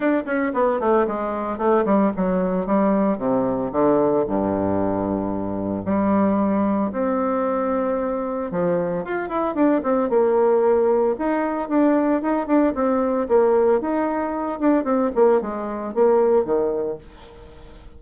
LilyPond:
\new Staff \with { instrumentName = "bassoon" } { \time 4/4 \tempo 4 = 113 d'8 cis'8 b8 a8 gis4 a8 g8 | fis4 g4 c4 d4 | g,2. g4~ | g4 c'2. |
f4 f'8 e'8 d'8 c'8 ais4~ | ais4 dis'4 d'4 dis'8 d'8 | c'4 ais4 dis'4. d'8 | c'8 ais8 gis4 ais4 dis4 | }